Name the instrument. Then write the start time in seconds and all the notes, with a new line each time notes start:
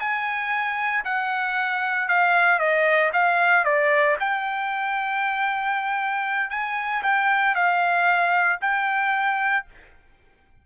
trumpet
0.00 G#5
1.05 F#5
2.08 F5
2.59 D#5
3.13 F5
3.65 D5
4.20 G5
6.51 G#5
7.03 G5
7.55 F5
8.61 G5